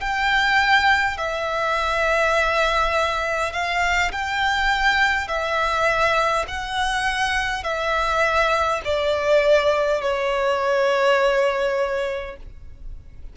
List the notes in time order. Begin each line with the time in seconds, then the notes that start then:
0.00 G5
1.17 E5
3.52 F5
4.12 G5
5.27 E5
6.48 F#5
7.63 E5
8.84 D5
10.01 C#5